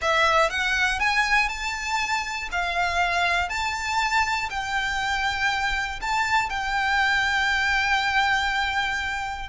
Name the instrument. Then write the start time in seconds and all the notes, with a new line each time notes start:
violin
0.01 E5
0.50 F#5
0.99 G#5
1.48 A5
2.51 F5
3.49 A5
4.50 G5
6.01 A5
6.49 G5